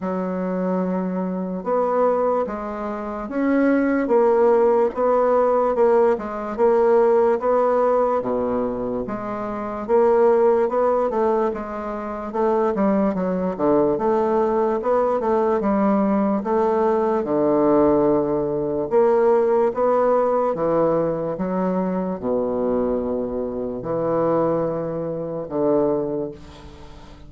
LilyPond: \new Staff \with { instrumentName = "bassoon" } { \time 4/4 \tempo 4 = 73 fis2 b4 gis4 | cis'4 ais4 b4 ais8 gis8 | ais4 b4 b,4 gis4 | ais4 b8 a8 gis4 a8 g8 |
fis8 d8 a4 b8 a8 g4 | a4 d2 ais4 | b4 e4 fis4 b,4~ | b,4 e2 d4 | }